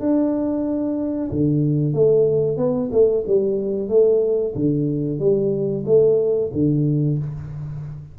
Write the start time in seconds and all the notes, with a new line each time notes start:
0.00 D4
1.31 D3
1.93 A3
2.57 B3
2.91 A3
3.27 G3
3.89 A3
4.55 D3
5.19 G3
5.86 A3
6.53 D3